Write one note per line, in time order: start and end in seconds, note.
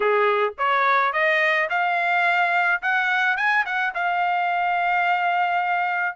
0.00 0.53 G#4
0.58 1.12 C#5
1.12 1.68 D#5
1.69 2.81 F5
2.82 3.36 F#5
3.36 3.64 G#5
3.65 3.93 F#5
3.94 6.16 F5